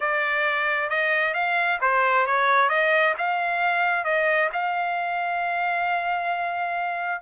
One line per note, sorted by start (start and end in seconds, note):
0.00 0.89 D5
0.89 1.33 D#5
1.33 1.79 F5
1.81 2.26 C5
2.26 2.69 C#5
2.69 3.14 D#5
3.17 4.04 F5
4.04 4.49 D#5
4.52 7.21 F5